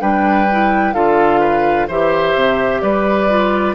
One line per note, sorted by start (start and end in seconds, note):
0.00 0.94 G3
0.00 0.47 D4
0.00 0.94 B4
0.00 0.94 G5
0.51 0.94 E4
0.94 1.88 D3
0.94 1.88 F4
0.94 1.40 A4
0.94 1.87 F5
1.40 1.87 B4
1.88 2.35 E3
1.88 3.29 G4
1.88 2.81 C5
1.88 2.81 E5
2.35 2.82 C3
2.81 3.75 G3
2.81 3.75 B4
2.81 3.75 D5
3.29 3.75 F4